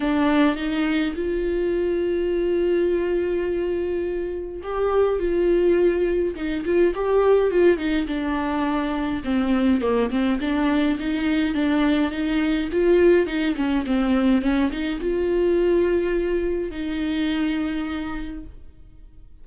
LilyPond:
\new Staff \with { instrumentName = "viola" } { \time 4/4 \tempo 4 = 104 d'4 dis'4 f'2~ | f'1 | g'4 f'2 dis'8 f'8 | g'4 f'8 dis'8 d'2 |
c'4 ais8 c'8 d'4 dis'4 | d'4 dis'4 f'4 dis'8 cis'8 | c'4 cis'8 dis'8 f'2~ | f'4 dis'2. | }